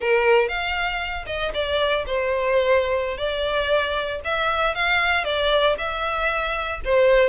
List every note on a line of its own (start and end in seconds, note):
0.00 0.48 A#4
0.48 1.25 F5
1.26 1.52 D#5
1.53 2.05 D5
2.06 3.17 C5
3.17 4.20 D5
4.24 4.74 E5
4.74 5.24 F5
5.24 5.76 D5
5.77 6.80 E5
6.84 7.29 C5